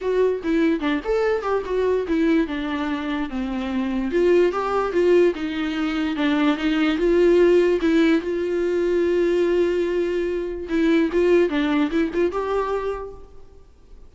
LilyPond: \new Staff \with { instrumentName = "viola" } { \time 4/4 \tempo 4 = 146 fis'4 e'4 d'8 a'4 g'8 | fis'4 e'4 d'2 | c'2 f'4 g'4 | f'4 dis'2 d'4 |
dis'4 f'2 e'4 | f'1~ | f'2 e'4 f'4 | d'4 e'8 f'8 g'2 | }